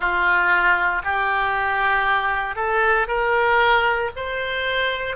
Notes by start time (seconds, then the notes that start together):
0.00 F4
1.03 G4
2.55 A4
3.07 A#4
4.16 C5